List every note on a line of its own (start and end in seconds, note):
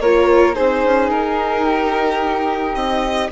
0.00 0.55 A#3
0.00 0.55 F4
0.00 0.56 A#4
0.00 0.55 C#5
0.55 0.85 C4
0.55 3.30 D#4
0.55 1.65 G#4
0.55 1.10 C5
0.85 1.10 C#4
1.10 2.75 D#4
1.10 2.75 A#4
1.65 3.30 G4
2.75 3.30 C4
2.75 3.30 D#5